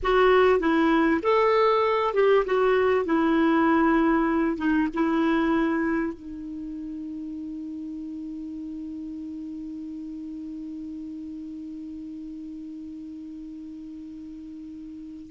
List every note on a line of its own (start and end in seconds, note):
0.03 0.59 F#4
0.59 1.21 E4
1.22 2.14 A4
2.14 2.44 G4
2.45 3.05 F#4
3.05 4.57 E4
4.57 4.88 D#4
4.93 6.13 E4
6.13 15.31 D#4